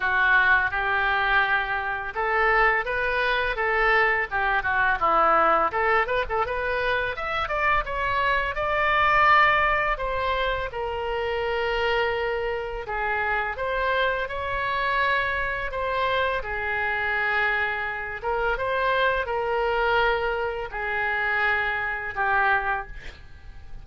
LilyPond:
\new Staff \with { instrumentName = "oboe" } { \time 4/4 \tempo 4 = 84 fis'4 g'2 a'4 | b'4 a'4 g'8 fis'8 e'4 | a'8 b'16 a'16 b'4 e''8 d''8 cis''4 | d''2 c''4 ais'4~ |
ais'2 gis'4 c''4 | cis''2 c''4 gis'4~ | gis'4. ais'8 c''4 ais'4~ | ais'4 gis'2 g'4 | }